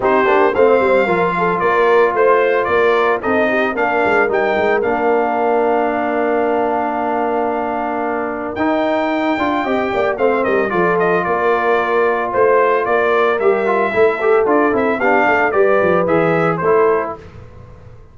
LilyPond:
<<
  \new Staff \with { instrumentName = "trumpet" } { \time 4/4 \tempo 4 = 112 c''4 f''2 d''4 | c''4 d''4 dis''4 f''4 | g''4 f''2.~ | f''1 |
g''2. f''8 dis''8 | d''8 dis''8 d''2 c''4 | d''4 e''2 d''8 e''8 | f''4 d''4 e''4 c''4 | }
  \new Staff \with { instrumentName = "horn" } { \time 4/4 g'4 c''4 ais'8 a'8 ais'4 | c''4 ais'4 a'8 g'8 ais'4~ | ais'1~ | ais'1~ |
ais'2 dis''8 d''8 c''8 ais'8 | a'4 ais'2 c''4 | ais'2 a'2 | g'8 a'8 b'2 a'4 | }
  \new Staff \with { instrumentName = "trombone" } { \time 4/4 dis'8 d'8 c'4 f'2~ | f'2 dis'4 d'4 | dis'4 d'2.~ | d'1 |
dis'4. f'8 g'4 c'4 | f'1~ | f'4 g'8 f'8 e'8 g'8 f'8 e'8 | d'4 g'4 gis'4 e'4 | }
  \new Staff \with { instrumentName = "tuba" } { \time 4/4 c'8 ais8 a8 g8 f4 ais4 | a4 ais4 c'4 ais8 gis8 | g8 gis8 ais2.~ | ais1 |
dis'4. d'8 c'8 ais8 a8 g8 | f4 ais2 a4 | ais4 g4 a4 d'8 c'8 | b8 a8 g8 f8 e4 a4 | }
>>